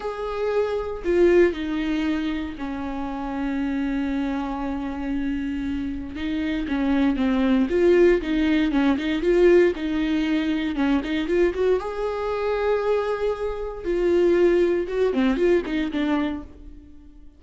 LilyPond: \new Staff \with { instrumentName = "viola" } { \time 4/4 \tempo 4 = 117 gis'2 f'4 dis'4~ | dis'4 cis'2.~ | cis'1 | dis'4 cis'4 c'4 f'4 |
dis'4 cis'8 dis'8 f'4 dis'4~ | dis'4 cis'8 dis'8 f'8 fis'8 gis'4~ | gis'2. f'4~ | f'4 fis'8 c'8 f'8 dis'8 d'4 | }